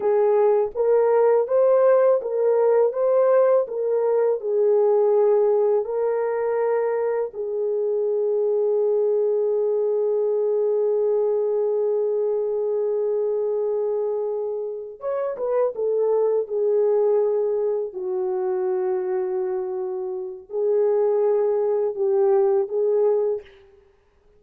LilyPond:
\new Staff \with { instrumentName = "horn" } { \time 4/4 \tempo 4 = 82 gis'4 ais'4 c''4 ais'4 | c''4 ais'4 gis'2 | ais'2 gis'2~ | gis'1~ |
gis'1~ | gis'8 cis''8 b'8 a'4 gis'4.~ | gis'8 fis'2.~ fis'8 | gis'2 g'4 gis'4 | }